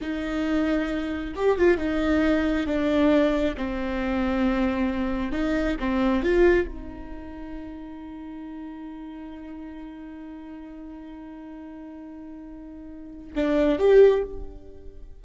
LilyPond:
\new Staff \with { instrumentName = "viola" } { \time 4/4 \tempo 4 = 135 dis'2. g'8 f'8 | dis'2 d'2 | c'1 | dis'4 c'4 f'4 dis'4~ |
dis'1~ | dis'1~ | dis'1~ | dis'2 d'4 g'4 | }